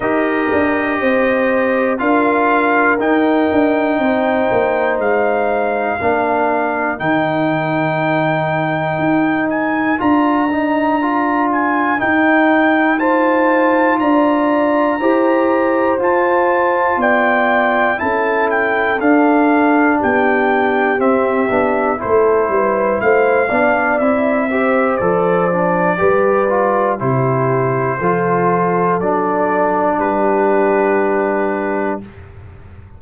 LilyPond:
<<
  \new Staff \with { instrumentName = "trumpet" } { \time 4/4 \tempo 4 = 60 dis''2 f''4 g''4~ | g''4 f''2 g''4~ | g''4. gis''8 ais''4. gis''8 | g''4 a''4 ais''2 |
a''4 g''4 a''8 g''8 f''4 | g''4 e''4 c''4 f''4 | e''4 d''2 c''4~ | c''4 d''4 b'2 | }
  \new Staff \with { instrumentName = "horn" } { \time 4/4 ais'4 c''4 ais'2 | c''2 ais'2~ | ais'1~ | ais'4 c''4 d''4 c''4~ |
c''4 d''4 a'2 | g'2 a'8 b'8 c''8 d''8~ | d''8 c''4. b'4 g'4 | a'2 g'2 | }
  \new Staff \with { instrumentName = "trombone" } { \time 4/4 g'2 f'4 dis'4~ | dis'2 d'4 dis'4~ | dis'2 f'8 dis'8 f'4 | dis'4 f'2 g'4 |
f'2 e'4 d'4~ | d'4 c'8 d'8 e'4. d'8 | e'8 g'8 a'8 d'8 g'8 f'8 e'4 | f'4 d'2. | }
  \new Staff \with { instrumentName = "tuba" } { \time 4/4 dis'8 d'8 c'4 d'4 dis'8 d'8 | c'8 ais8 gis4 ais4 dis4~ | dis4 dis'4 d'2 | dis'2 d'4 e'4 |
f'4 b4 cis'4 d'4 | b4 c'8 b8 a8 g8 a8 b8 | c'4 f4 g4 c4 | f4 fis4 g2 | }
>>